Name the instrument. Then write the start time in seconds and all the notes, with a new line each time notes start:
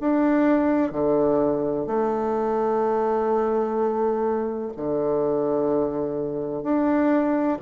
bassoon
0.00 D4
0.92 D3
1.86 A3
4.77 D3
6.63 D4